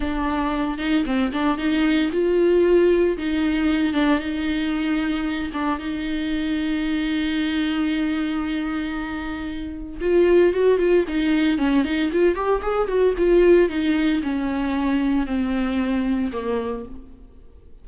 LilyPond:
\new Staff \with { instrumentName = "viola" } { \time 4/4 \tempo 4 = 114 d'4. dis'8 c'8 d'8 dis'4 | f'2 dis'4. d'8 | dis'2~ dis'8 d'8 dis'4~ | dis'1~ |
dis'2. f'4 | fis'8 f'8 dis'4 cis'8 dis'8 f'8 g'8 | gis'8 fis'8 f'4 dis'4 cis'4~ | cis'4 c'2 ais4 | }